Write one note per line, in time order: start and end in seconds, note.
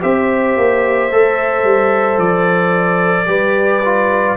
0.00 0.57 C4
0.00 1.09 G4
0.00 3.28 C5
0.00 2.18 E5
0.57 1.10 A#3
1.10 1.63 A3
1.10 3.26 A4
1.63 2.17 G3
2.17 3.26 F3
2.17 4.36 D5
3.26 4.36 G3
3.26 3.80 G4
3.26 4.36 B4
3.84 4.36 F4